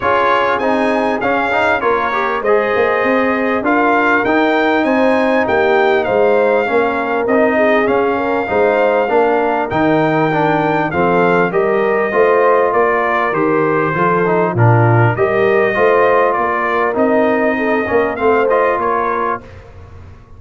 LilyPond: <<
  \new Staff \with { instrumentName = "trumpet" } { \time 4/4 \tempo 4 = 99 cis''4 gis''4 f''4 cis''4 | dis''2 f''4 g''4 | gis''4 g''4 f''2 | dis''4 f''2. |
g''2 f''4 dis''4~ | dis''4 d''4 c''2 | ais'4 dis''2 d''4 | dis''2 f''8 dis''8 cis''4 | }
  \new Staff \with { instrumentName = "horn" } { \time 4/4 gis'2. ais'4 | c''2 ais'2 | c''4 g'4 c''4 ais'4~ | ais'8 gis'4 ais'8 c''4 ais'4~ |
ais'2 a'4 ais'4 | c''4 ais'2 a'4 | f'4 ais'4 c''4 ais'4~ | ais'4 a'8 ais'8 c''4 ais'4 | }
  \new Staff \with { instrumentName = "trombone" } { \time 4/4 f'4 dis'4 cis'8 dis'8 f'8 g'8 | gis'2 f'4 dis'4~ | dis'2. cis'4 | dis'4 cis'4 dis'4 d'4 |
dis'4 d'4 c'4 g'4 | f'2 g'4 f'8 dis'8 | d'4 g'4 f'2 | dis'4. cis'8 c'8 f'4. | }
  \new Staff \with { instrumentName = "tuba" } { \time 4/4 cis'4 c'4 cis'4 ais4 | gis8 ais8 c'4 d'4 dis'4 | c'4 ais4 gis4 ais4 | c'4 cis'4 gis4 ais4 |
dis2 f4 g4 | a4 ais4 dis4 f4 | ais,4 g4 a4 ais4 | c'4. ais8 a4 ais4 | }
>>